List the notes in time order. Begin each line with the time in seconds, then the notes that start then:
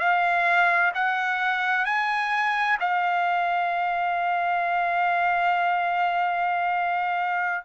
0.00 F5
0.95 F#5
1.86 G#5
2.81 F5